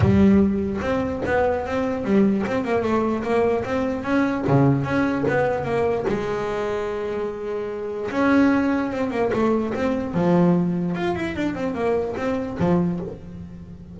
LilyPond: \new Staff \with { instrumentName = "double bass" } { \time 4/4 \tempo 4 = 148 g2 c'4 b4 | c'4 g4 c'8 ais8 a4 | ais4 c'4 cis'4 cis4 | cis'4 b4 ais4 gis4~ |
gis1 | cis'2 c'8 ais8 a4 | c'4 f2 f'8 e'8 | d'8 c'8 ais4 c'4 f4 | }